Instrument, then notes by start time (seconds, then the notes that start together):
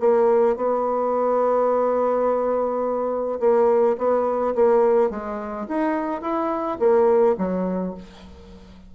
bassoon
0.00 A#3
0.56 B3
3.40 A#3
3.98 B3
4.55 A#3
5.10 G#3
5.68 D#4
6.21 E4
6.79 A#3
7.38 F#3